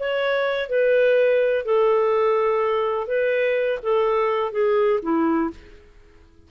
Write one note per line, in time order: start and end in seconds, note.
0.00 0.70 C#5
0.70 1.66 B4
1.66 3.08 A4
3.08 3.80 B4
3.84 4.53 A4
4.53 5.01 G#4
5.03 5.51 E4